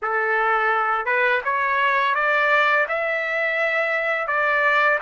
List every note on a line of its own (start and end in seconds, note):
0.02 1.05 A4
1.05 1.41 B4
1.44 2.14 C#5
2.14 2.86 D5
2.88 4.27 E5
4.27 4.98 D5